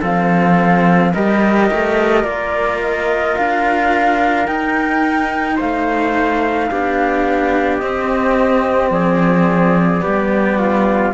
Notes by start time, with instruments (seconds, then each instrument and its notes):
0.00 cello F3 C4, trumpet A4, flute F5
1.13 cello G3 G4, trumpet A#4, flute D#5
1.72 cello A3
2.23 cello A#3 F4, flute D5
2.81 flute D#5
3.36 cello D4, flute F5
4.46 cello D#4, flute G5
5.55 cello A3, trumpet C5, flute F5
6.71 cello B3 D4, trumpet G4
7.77 cello C4, flute D#5
8.90 cello F3, trumpet G#4, flute D5
10.00 cello B3, trumpet G4
10.06 cello G3
10.58 trumpet F4